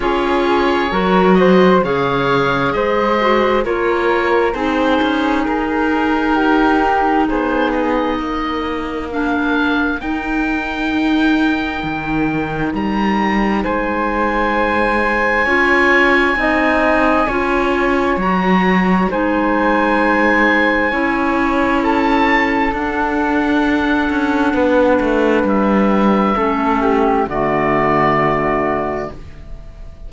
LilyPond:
<<
  \new Staff \with { instrumentName = "oboe" } { \time 4/4 \tempo 4 = 66 cis''4. dis''8 f''4 dis''4 | cis''4 c''4 ais'2 | c''8 dis''4. f''4 g''4~ | g''2 ais''4 gis''4~ |
gis''1 | ais''4 gis''2. | a''4 fis''2. | e''2 d''2 | }
  \new Staff \with { instrumentName = "flute" } { \time 4/4 gis'4 ais'8 c''8 cis''4 c''4 | ais'4 gis'2 g'4 | gis'4 ais'2.~ | ais'2. c''4~ |
c''4 cis''4 dis''4 cis''4~ | cis''4 c''2 cis''4 | a'2. b'4~ | b'4 a'8 g'8 fis'2 | }
  \new Staff \with { instrumentName = "clarinet" } { \time 4/4 f'4 fis'4 gis'4. fis'8 | f'4 dis'2.~ | dis'2 d'4 dis'4~ | dis'1~ |
dis'4 f'4 dis'4 f'4 | fis'4 dis'2 e'4~ | e'4 d'2.~ | d'4 cis'4 a2 | }
  \new Staff \with { instrumentName = "cello" } { \time 4/4 cis'4 fis4 cis4 gis4 | ais4 c'8 cis'8 dis'2 | b4 ais2 dis'4~ | dis'4 dis4 g4 gis4~ |
gis4 cis'4 c'4 cis'4 | fis4 gis2 cis'4~ | cis'4 d'4. cis'8 b8 a8 | g4 a4 d2 | }
>>